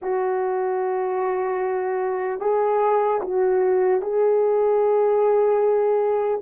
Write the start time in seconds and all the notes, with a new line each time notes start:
0.01 F#4
2.40 G#4
3.21 F#4
4.01 G#4